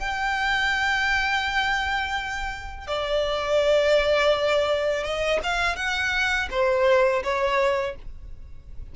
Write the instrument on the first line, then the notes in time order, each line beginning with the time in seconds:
violin
0.00 G5
2.88 D5
5.04 D#5
5.43 F5
5.77 F#5
6.51 C5
7.24 C#5